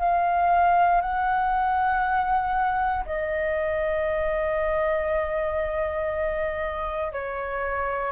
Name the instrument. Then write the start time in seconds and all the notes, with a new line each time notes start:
flute
0.00 F5
1.02 F#5
3.06 D#5
7.13 C#5